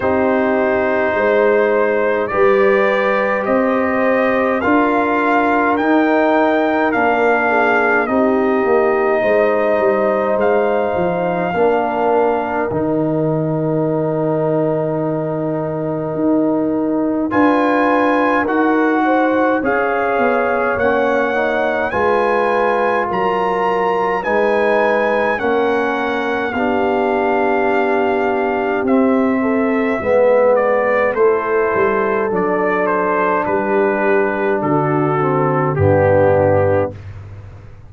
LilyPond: <<
  \new Staff \with { instrumentName = "trumpet" } { \time 4/4 \tempo 4 = 52 c''2 d''4 dis''4 | f''4 g''4 f''4 dis''4~ | dis''4 f''2 g''4~ | g''2. gis''4 |
fis''4 f''4 fis''4 gis''4 | ais''4 gis''4 fis''4 f''4~ | f''4 e''4. d''8 c''4 | d''8 c''8 b'4 a'4 g'4 | }
  \new Staff \with { instrumentName = "horn" } { \time 4/4 g'4 c''4 b'4 c''4 | ais'2~ ais'8 gis'8 g'4 | c''2 ais'2~ | ais'2. b'4 |
ais'8 c''8 cis''2 b'4 | ais'4 b'4 ais'4 g'4~ | g'4. a'8 b'4 a'4~ | a'4 g'4 fis'4 d'4 | }
  \new Staff \with { instrumentName = "trombone" } { \time 4/4 dis'2 g'2 | f'4 dis'4 d'4 dis'4~ | dis'2 d'4 dis'4~ | dis'2. f'4 |
fis'4 gis'4 cis'8 dis'8 f'4~ | f'4 dis'4 cis'4 d'4~ | d'4 c'4 b4 e'4 | d'2~ d'8 c'8 b4 | }
  \new Staff \with { instrumentName = "tuba" } { \time 4/4 c'4 gis4 g4 c'4 | d'4 dis'4 ais4 c'8 ais8 | gis8 g8 gis8 f8 ais4 dis4~ | dis2 dis'4 d'4 |
dis'4 cis'8 b8 ais4 gis4 | fis4 gis4 ais4 b4~ | b4 c'4 gis4 a8 g8 | fis4 g4 d4 g,4 | }
>>